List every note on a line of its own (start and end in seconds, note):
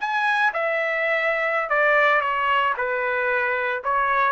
0.00 0.53 G#5
0.53 1.69 E5
1.69 2.21 D5
2.21 2.73 C#5
2.77 3.82 B4
3.84 4.32 C#5